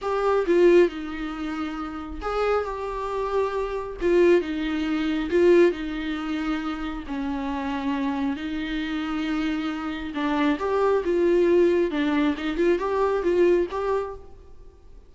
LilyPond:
\new Staff \with { instrumentName = "viola" } { \time 4/4 \tempo 4 = 136 g'4 f'4 dis'2~ | dis'4 gis'4 g'2~ | g'4 f'4 dis'2 | f'4 dis'2. |
cis'2. dis'4~ | dis'2. d'4 | g'4 f'2 d'4 | dis'8 f'8 g'4 f'4 g'4 | }